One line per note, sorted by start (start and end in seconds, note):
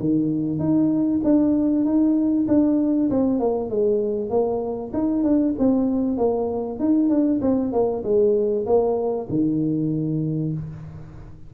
0.00 0.59 D#3
0.59 1.21 D#4
1.24 1.85 D4
1.85 2.47 D#4
2.48 3.10 D4
3.10 3.40 C4
3.40 3.70 A#3
3.70 4.30 G#3
4.30 4.92 A#3
4.94 5.24 D#4
5.24 5.55 D4
5.59 6.18 C4
6.18 6.80 A#3
6.80 7.10 D#4
7.10 7.41 D4
7.42 7.73 C4
7.73 8.04 A#3
8.04 8.66 G#3
8.67 9.28 A#3
9.30 10.53 D#3